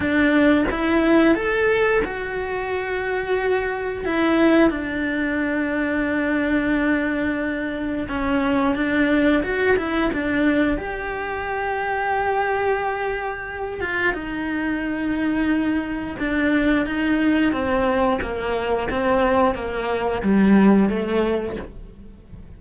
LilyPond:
\new Staff \with { instrumentName = "cello" } { \time 4/4 \tempo 4 = 89 d'4 e'4 a'4 fis'4~ | fis'2 e'4 d'4~ | d'1 | cis'4 d'4 fis'8 e'8 d'4 |
g'1~ | g'8 f'8 dis'2. | d'4 dis'4 c'4 ais4 | c'4 ais4 g4 a4 | }